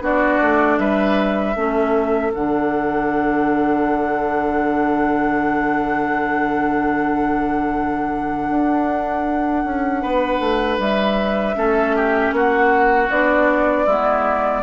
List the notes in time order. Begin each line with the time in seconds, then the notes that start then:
0.00 B3 D4 F#4 D5
0.42 A3
0.79 G3 B4 E5
1.56 A3 C#4 A4
2.34 D3 D4 F#5
8.50 D4
9.65 C#4
10.02 B3 B4
10.40 A3
10.79 G3 E5
11.55 A3 C#4 A4
11.96 G4
12.32 A#3 F#4 F#5
13.11 B3 D4 D5
13.86 G#3 B3 E4